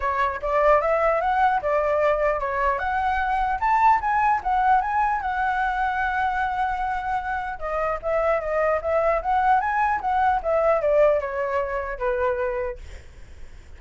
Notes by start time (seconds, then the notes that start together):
0.00 C#5
0.42 D5
0.81 E5
1.21 F#5
1.62 D5
2.40 C#5
2.79 F#5
3.60 A5
4.00 G#5
4.43 F#5
4.81 G#5
5.21 F#5
7.59 D#5
8.02 E5
8.40 D#5
8.81 E5
9.21 F#5
9.60 G#5
10.01 F#5
10.42 E5
10.81 D5
11.20 C#5
11.98 B4